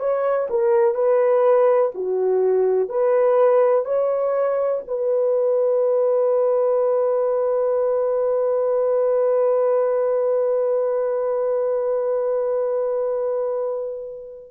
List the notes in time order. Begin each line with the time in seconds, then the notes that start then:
0.00 C#5
0.50 A#4
0.95 B4
1.95 F#4
2.89 B4
3.85 C#5
4.88 B4